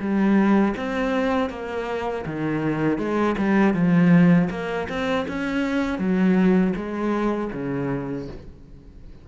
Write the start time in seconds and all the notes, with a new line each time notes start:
0.00 G3
0.77 C4
1.50 A#3
2.26 D#3
2.98 G#3
3.38 G3
3.74 F3
4.51 A#3
4.89 C4
5.28 C#4
5.99 F#3
6.76 G#3
7.53 C#3